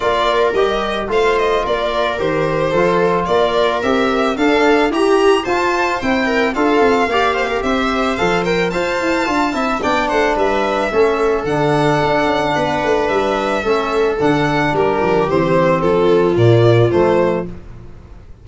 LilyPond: <<
  \new Staff \with { instrumentName = "violin" } { \time 4/4 \tempo 4 = 110 d''4 dis''4 f''8 dis''8 d''4 | c''2 d''4 e''4 | f''4 ais''4 a''4 g''4 | f''2 e''4 f''8 g''8 |
a''2 g''8 fis''8 e''4~ | e''4 fis''2. | e''2 fis''4 ais'4 | c''4 a'4 d''4 c''4 | }
  \new Staff \with { instrumentName = "viola" } { \time 4/4 ais'2 c''4 ais'4~ | ais'4 a'4 ais'2 | a'4 g'4 c''4. ais'8 | a'4 d''8 c''16 ais'16 c''2 |
f''4. e''8 d''8 c''8 b'4 | a'2. b'4~ | b'4 a'2 g'4~ | g'4 f'2. | }
  \new Staff \with { instrumentName = "trombone" } { \time 4/4 f'4 g'4 f'2 | g'4 f'2 g'4 | d'4 g'4 f'4 e'4 | f'4 g'2 a'8 ais'8 |
c''4 f'8 e'8 d'2 | cis'4 d'2.~ | d'4 cis'4 d'2 | c'2 ais4 a4 | }
  \new Staff \with { instrumentName = "tuba" } { \time 4/4 ais4 g4 a4 ais4 | dis4 f4 ais4 c'4 | d'4 e'4 f'4 c'4 | d'8 c'8 ais4 c'4 f4 |
f'8 e'8 d'8 c'8 b8 a8 g4 | a4 d4 d'8 cis'8 b8 a8 | g4 a4 d4 g8 f8 | e4 f4 ais,4 f4 | }
>>